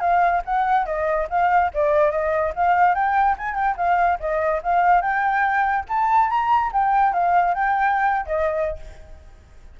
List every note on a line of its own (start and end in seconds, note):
0.00 0.42 F5
0.45 0.85 F#5
0.85 1.27 D#5
1.30 1.71 F5
1.73 2.11 D5
2.11 2.53 D#5
2.55 2.94 F5
2.94 3.36 G5
3.37 3.54 G#5
3.54 3.75 G5
3.77 4.18 F5
4.19 4.61 D#5
4.63 5.01 F5
5.01 5.84 G5
5.88 6.30 A5
6.30 6.71 A#5
6.72 7.13 G5
7.13 7.54 F5
7.54 8.26 G5
8.26 8.78 D#5